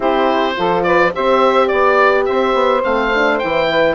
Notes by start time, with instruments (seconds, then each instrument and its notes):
0.00 bassoon C4, horn E4, saxophone G4, oboe C5
0.56 bassoon F3, horn F4, saxophone A4
0.83 saxophone B4, oboe D5
1.14 bassoon C4, horn G4, saxophone C5, oboe E5
1.67 bassoon B3, saxophone D5, oboe D5
2.25 bassoon C4, saxophone C5, oboe E5
2.54 bassoon B3
2.83 bassoon A3, horn C4, oboe F5
3.14 horn D4
3.38 bassoon E3, horn E4, oboe G5
3.67 saxophone B4